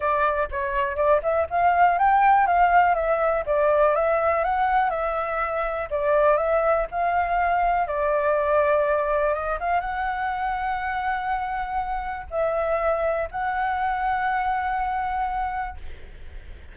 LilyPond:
\new Staff \with { instrumentName = "flute" } { \time 4/4 \tempo 4 = 122 d''4 cis''4 d''8 e''8 f''4 | g''4 f''4 e''4 d''4 | e''4 fis''4 e''2 | d''4 e''4 f''2 |
d''2. dis''8 f''8 | fis''1~ | fis''4 e''2 fis''4~ | fis''1 | }